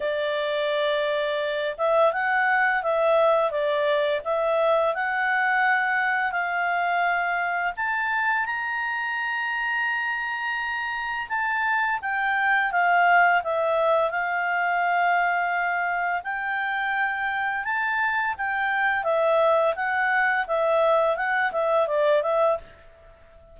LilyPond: \new Staff \with { instrumentName = "clarinet" } { \time 4/4 \tempo 4 = 85 d''2~ d''8 e''8 fis''4 | e''4 d''4 e''4 fis''4~ | fis''4 f''2 a''4 | ais''1 |
a''4 g''4 f''4 e''4 | f''2. g''4~ | g''4 a''4 g''4 e''4 | fis''4 e''4 fis''8 e''8 d''8 e''8 | }